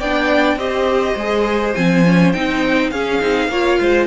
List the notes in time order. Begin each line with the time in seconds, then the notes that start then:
0.00 B3 D4 D5 G5
0.56 C4 G4 C5 D#5
1.16 G#3 G#4
1.75 F3 C4 G#5
2.05 C#4
2.33 C4 D#4 G5
2.91 C#4 G#4 F5
3.21 C4 D#4
3.49 A#3 F4 C#5
3.81 G#3 C5